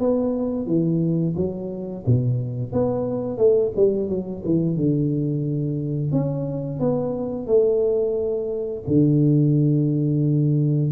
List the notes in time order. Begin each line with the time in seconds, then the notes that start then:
0.00 B3
0.67 E3
1.37 F#3
2.07 B2
2.73 B3
3.38 A3
3.77 G3
4.09 F#3
4.45 E3
4.77 D3
6.12 C#4
6.80 B3
7.47 A3
8.88 D3